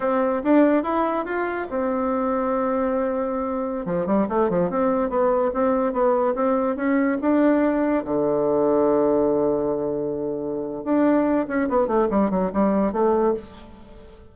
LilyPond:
\new Staff \with { instrumentName = "bassoon" } { \time 4/4 \tempo 4 = 144 c'4 d'4 e'4 f'4 | c'1~ | c'4~ c'16 f8 g8 a8 f8 c'8.~ | c'16 b4 c'4 b4 c'8.~ |
c'16 cis'4 d'2 d8.~ | d1~ | d2 d'4. cis'8 | b8 a8 g8 fis8 g4 a4 | }